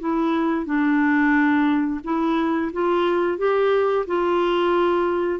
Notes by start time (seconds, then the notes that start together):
0.00 E4
0.66 D4
2.04 E4
2.73 F4
3.38 G4
4.07 F4